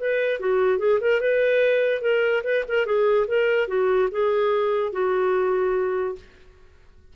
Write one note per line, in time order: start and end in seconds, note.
0.00 0.40 B4
0.40 0.79 F#4
0.79 0.99 G#4
1.01 1.21 A#4
1.21 2.02 B4
2.02 2.43 A#4
2.44 2.64 B4
2.68 2.86 A#4
2.86 3.27 G#4
3.27 3.68 A#4
3.68 4.09 F#4
4.11 4.92 G#4
4.92 6.16 F#4